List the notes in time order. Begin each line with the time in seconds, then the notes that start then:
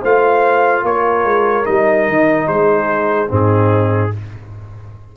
0.00 A3 F4 C5 F5
0.83 A#3 A#4 C#5
1.24 G#3
1.65 G3 D#4 D#5
2.08 D#3
2.47 G#3 G#4 C5
3.28 G#2 C4 D#4
3.34 G#4